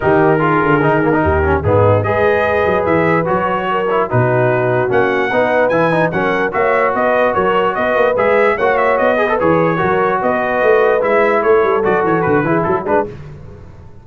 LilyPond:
<<
  \new Staff \with { instrumentName = "trumpet" } { \time 4/4 \tempo 4 = 147 ais'1 | gis'4 dis''2 e''4 | cis''2 b'2 | fis''2 gis''4 fis''4 |
e''4 dis''4 cis''4 dis''4 | e''4 fis''8 e''8 dis''4 cis''4~ | cis''4 dis''2 e''4 | cis''4 d''8 cis''8 b'4 a'8 b'8 | }
  \new Staff \with { instrumentName = "horn" } { \time 4/4 g'4 gis'2 g'4 | dis'4 b'2.~ | b'4 ais'4 fis'2~ | fis'4 b'2 ais'4 |
cis''4 b'4 ais'4 b'4~ | b'4 cis''4. b'4. | ais'4 b'2. | a'2~ a'8 gis'8 fis'8 b'8 | }
  \new Staff \with { instrumentName = "trombone" } { \time 4/4 dis'4 f'4 dis'8 ais16 dis'8. cis'8 | b4 gis'2. | fis'4. e'8 dis'2 | cis'4 dis'4 e'8 dis'8 cis'4 |
fis'1 | gis'4 fis'4. gis'16 a'16 gis'4 | fis'2. e'4~ | e'4 fis'4. e'4 d'8 | }
  \new Staff \with { instrumentName = "tuba" } { \time 4/4 dis4. d8 dis4 dis,4 | gis,4 gis4. fis8 e4 | fis2 b,2 | ais4 b4 e4 fis4 |
ais4 b4 fis4 b8 ais8 | gis4 ais4 b4 e4 | fis4 b4 a4 gis4 | a8 g8 fis8 e8 d8 e8 fis8 gis8 | }
>>